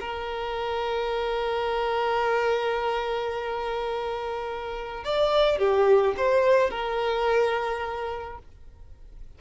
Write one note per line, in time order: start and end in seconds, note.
0.00 5.04 A#4
5.04 5.58 D5
5.58 6.15 G4
6.17 6.70 C5
6.70 8.38 A#4